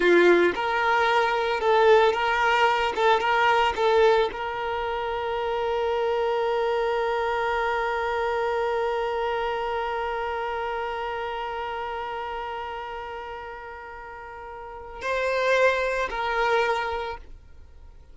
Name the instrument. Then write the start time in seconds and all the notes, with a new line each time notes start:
violin
0.00 F4
0.55 A#4
1.60 A4
2.12 A#4
2.95 A4
3.20 A#4
3.75 A4
4.32 A#4
15.01 C5
16.10 A#4